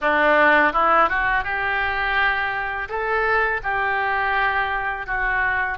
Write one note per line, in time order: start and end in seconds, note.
0.01 0.73 D4
0.73 1.09 E4
1.09 1.44 F#4
1.44 2.88 G4
2.88 3.60 A4
3.63 5.06 G4
5.06 5.78 F#4